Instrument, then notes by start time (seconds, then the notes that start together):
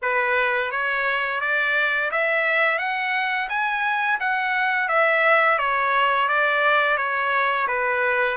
trumpet
0.02 B4
0.71 C#5
1.40 D5
2.11 E5
2.78 F#5
3.49 G#5
4.20 F#5
4.88 E5
5.58 C#5
6.28 D5
6.97 C#5
7.67 B4